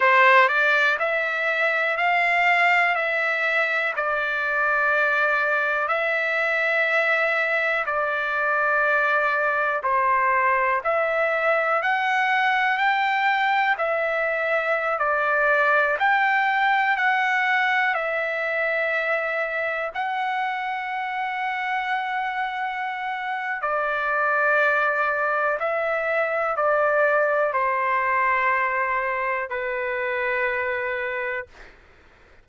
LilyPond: \new Staff \with { instrumentName = "trumpet" } { \time 4/4 \tempo 4 = 61 c''8 d''8 e''4 f''4 e''4 | d''2 e''2 | d''2 c''4 e''4 | fis''4 g''4 e''4~ e''16 d''8.~ |
d''16 g''4 fis''4 e''4.~ e''16~ | e''16 fis''2.~ fis''8. | d''2 e''4 d''4 | c''2 b'2 | }